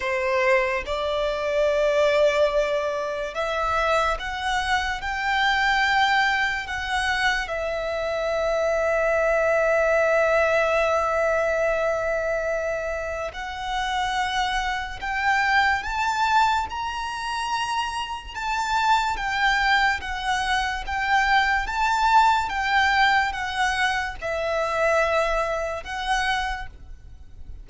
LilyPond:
\new Staff \with { instrumentName = "violin" } { \time 4/4 \tempo 4 = 72 c''4 d''2. | e''4 fis''4 g''2 | fis''4 e''2.~ | e''1 |
fis''2 g''4 a''4 | ais''2 a''4 g''4 | fis''4 g''4 a''4 g''4 | fis''4 e''2 fis''4 | }